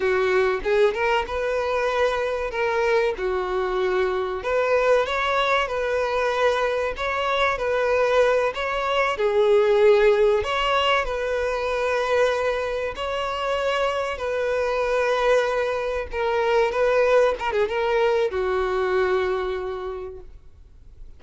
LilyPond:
\new Staff \with { instrumentName = "violin" } { \time 4/4 \tempo 4 = 95 fis'4 gis'8 ais'8 b'2 | ais'4 fis'2 b'4 | cis''4 b'2 cis''4 | b'4. cis''4 gis'4.~ |
gis'8 cis''4 b'2~ b'8~ | b'8 cis''2 b'4.~ | b'4. ais'4 b'4 ais'16 gis'16 | ais'4 fis'2. | }